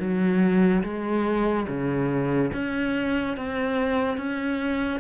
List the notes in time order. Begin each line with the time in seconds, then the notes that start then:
0.00 F#3
0.84 G#3
1.69 C#3
2.54 C#4
3.37 C4
4.17 C#4